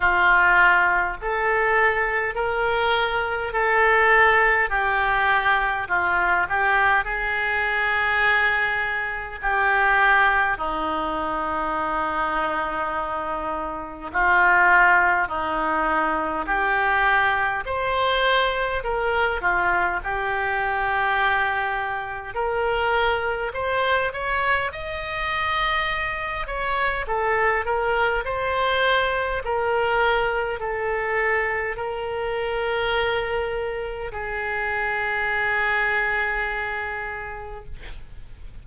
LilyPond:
\new Staff \with { instrumentName = "oboe" } { \time 4/4 \tempo 4 = 51 f'4 a'4 ais'4 a'4 | g'4 f'8 g'8 gis'2 | g'4 dis'2. | f'4 dis'4 g'4 c''4 |
ais'8 f'8 g'2 ais'4 | c''8 cis''8 dis''4. cis''8 a'8 ais'8 | c''4 ais'4 a'4 ais'4~ | ais'4 gis'2. | }